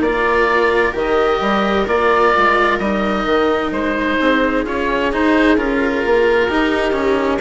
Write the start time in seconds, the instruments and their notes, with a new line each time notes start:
0.00 bassoon A#3, cello F4, viola A#4, oboe D5
0.93 bassoon D#3, cello G4, oboe D#5
1.41 bassoon G3
1.87 bassoon A#3, cello F4, oboe D5
2.37 bassoon G#3
2.79 bassoon G3, cello D#4, oboe D#5
3.25 bassoon D#3
3.71 bassoon G#3, oboe C5
4.19 bassoon C4, viola G#4
4.64 cello C#4, bassoon F4, oboe C#5
5.12 bassoon D#4, cello D#4, oboe C5
5.57 bassoon C#4, cello F4, oboe A#4
6.05 bassoon A#3
6.48 bassoon D#4, cello D#4, viola G4
6.92 cello C#4